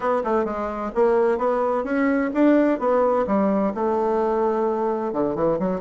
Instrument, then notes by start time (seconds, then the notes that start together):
bassoon
0.00 B3
0.23 A3
0.44 G#3
0.94 A#3
1.38 B3
1.84 C#4
2.33 D4
2.79 B3
3.26 G3
3.74 A3
5.12 D3
5.35 E3
5.59 F#3